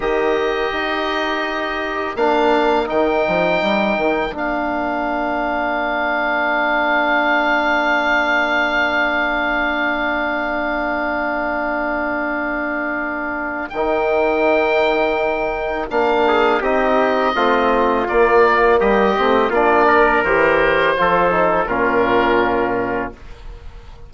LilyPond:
<<
  \new Staff \with { instrumentName = "oboe" } { \time 4/4 \tempo 4 = 83 dis''2. f''4 | g''2 f''2~ | f''1~ | f''1~ |
f''2. g''4~ | g''2 f''4 dis''4~ | dis''4 d''4 dis''4 d''4 | c''2 ais'2 | }
  \new Staff \with { instrumentName = "trumpet" } { \time 4/4 ais'1~ | ais'1~ | ais'1~ | ais'1~ |
ais'1~ | ais'2~ ais'8 gis'8 g'4 | f'2 g'4 f'8 ais'8~ | ais'4 a'4 f'2 | }
  \new Staff \with { instrumentName = "trombone" } { \time 4/4 g'2. d'4 | dis'2 d'2~ | d'1~ | d'1~ |
d'2. dis'4~ | dis'2 d'4 dis'4 | c'4 ais4. c'8 d'4 | g'4 f'8 dis'8 cis'2 | }
  \new Staff \with { instrumentName = "bassoon" } { \time 4/4 dis4 dis'2 ais4 | dis8 f8 g8 dis8 ais2~ | ais1~ | ais1~ |
ais2. dis4~ | dis2 ais4 c'4 | a4 ais4 g8 a8 ais4 | e4 f4 ais,2 | }
>>